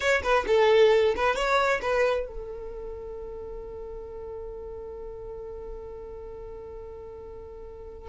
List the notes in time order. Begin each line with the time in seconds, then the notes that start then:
0.00 C#5
0.22 B4
0.47 A4
1.15 B4
1.35 C#5
1.81 B4
2.27 A4